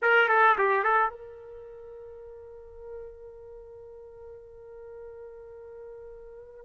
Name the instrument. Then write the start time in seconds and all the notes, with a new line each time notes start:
trumpet
0.02 A#4
0.28 A4
0.57 G4
0.83 A4
1.10 A#4